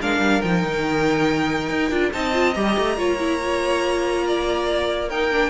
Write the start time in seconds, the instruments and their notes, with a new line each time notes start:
0.00 cello G#3, viola D4, violin A#4 F5
0.19 cello G3
0.41 cello F3, viola D#4, violin G5
0.65 cello D#3
1.69 cello D#4
1.90 cello D4, viola F4
2.12 cello C4, viola D#4, violin D#5 A5
2.32 viola F4
2.53 cello G3, viola G4, violin A#5
2.78 cello A3
2.97 cello A#3, viola F4, violin C#5
3.19 viola E4
3.40 viola F4
4.26 violin D5
5.09 viola D#4, violin A#4 G5
5.31 viola D4